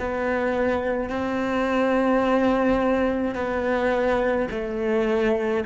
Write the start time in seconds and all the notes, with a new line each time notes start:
0.00 B3
1.10 C4
3.36 B3
4.51 A3